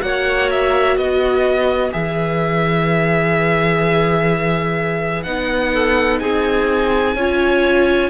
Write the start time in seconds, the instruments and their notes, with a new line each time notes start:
0.00 cello A#3, viola F#4, clarinet C#5, violin F#5
0.51 violin E5
0.97 cello B3, clarinet B4, violin D#5
1.92 cello E3, viola G#4, violin E5
5.23 cello B3, viola D#4, violin F#5
5.73 clarinet A4
6.20 cello C4, clarinet G#4, violin G#5
7.15 cello C#4, viola F4, clarinet C#5